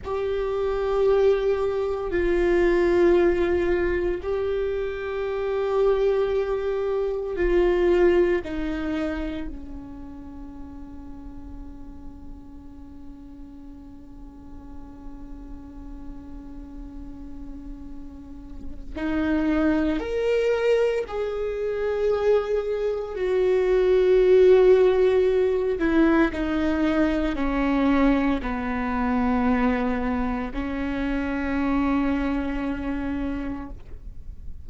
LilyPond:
\new Staff \with { instrumentName = "viola" } { \time 4/4 \tempo 4 = 57 g'2 f'2 | g'2. f'4 | dis'4 cis'2.~ | cis'1~ |
cis'2 dis'4 ais'4 | gis'2 fis'2~ | fis'8 e'8 dis'4 cis'4 b4~ | b4 cis'2. | }